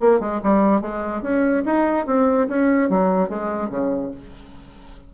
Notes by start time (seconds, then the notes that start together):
0.00 A#3
0.20 G#3
0.43 G3
0.81 G#3
1.22 C#4
1.65 D#4
2.06 C4
2.48 C#4
2.89 F#3
3.29 G#3
3.69 C#3